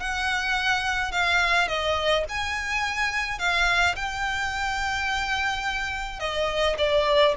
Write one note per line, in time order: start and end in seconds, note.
0.00 1.11 F#5
1.11 1.68 F5
1.68 2.25 D#5
2.29 3.39 G#5
3.39 3.95 F5
3.95 6.20 G5
6.20 6.76 D#5
6.78 7.35 D5